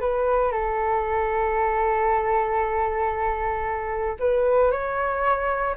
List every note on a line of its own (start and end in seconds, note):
0.00 0.52 B4
0.52 4.17 A4
4.19 4.71 B4
4.71 5.76 C#5